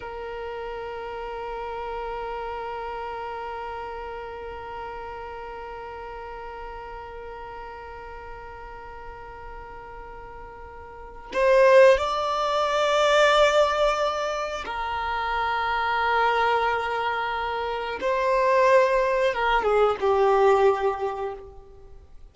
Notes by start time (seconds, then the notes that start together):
0.00 A#4
11.33 C5
11.97 D5
14.65 A#4
18.00 C5
19.34 A#4
19.62 G#4
20.00 G4